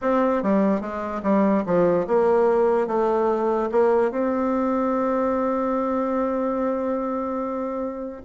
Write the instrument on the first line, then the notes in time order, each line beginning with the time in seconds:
bassoon
0.01 C4
0.42 G3
0.80 G#3
1.22 G3
1.66 F3
2.07 A#3
2.87 A3
3.71 A#3
4.11 C4